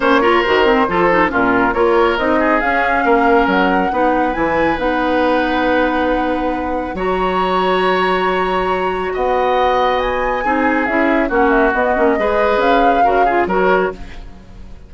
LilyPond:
<<
  \new Staff \with { instrumentName = "flute" } { \time 4/4 \tempo 4 = 138 cis''4 c''2 ais'4 | cis''4 dis''4 f''2 | fis''2 gis''4 fis''4~ | fis''1 |
ais''1~ | ais''4 fis''2 gis''4~ | gis''4 e''4 fis''8 e''8 dis''4~ | dis''4 f''2 cis''4 | }
  \new Staff \with { instrumentName = "oboe" } { \time 4/4 c''8 ais'4. a'4 f'4 | ais'4. gis'4. ais'4~ | ais'4 b'2.~ | b'1 |
cis''1~ | cis''4 dis''2. | gis'2 fis'2 | b'2 ais'8 gis'8 ais'4 | }
  \new Staff \with { instrumentName = "clarinet" } { \time 4/4 cis'8 f'8 fis'8 c'8 f'8 dis'8 cis'4 | f'4 dis'4 cis'2~ | cis'4 dis'4 e'4 dis'4~ | dis'1 |
fis'1~ | fis'1 | dis'4 e'4 cis'4 b8 cis'8 | gis'2 fis'8 f'8 fis'4 | }
  \new Staff \with { instrumentName = "bassoon" } { \time 4/4 ais4 dis4 f4 ais,4 | ais4 c'4 cis'4 ais4 | fis4 b4 e4 b4~ | b1 |
fis1~ | fis4 b2. | c'4 cis'4 ais4 b8 ais8 | gis4 cis'4 cis4 fis4 | }
>>